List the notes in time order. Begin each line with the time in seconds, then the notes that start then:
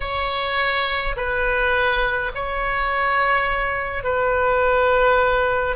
0.00 C#5
1.16 B4
2.34 C#5
4.03 B4